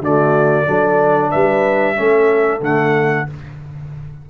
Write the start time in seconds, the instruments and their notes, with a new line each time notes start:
0.00 tuba D3, trombone A3, horn F#4, trumpet D5
0.66 tuba F#3, trombone D4, horn A4
1.31 tuba G3, horn B4, trumpet E5
1.95 tuba A3, trombone C#4, horn A4
2.60 tuba D3, trombone A3, trumpet F#5